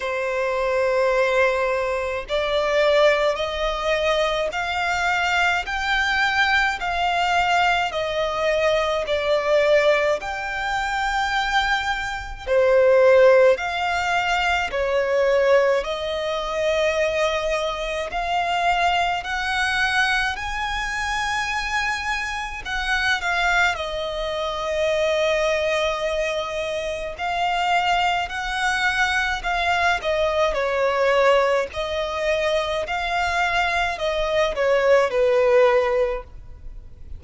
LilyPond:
\new Staff \with { instrumentName = "violin" } { \time 4/4 \tempo 4 = 53 c''2 d''4 dis''4 | f''4 g''4 f''4 dis''4 | d''4 g''2 c''4 | f''4 cis''4 dis''2 |
f''4 fis''4 gis''2 | fis''8 f''8 dis''2. | f''4 fis''4 f''8 dis''8 cis''4 | dis''4 f''4 dis''8 cis''8 b'4 | }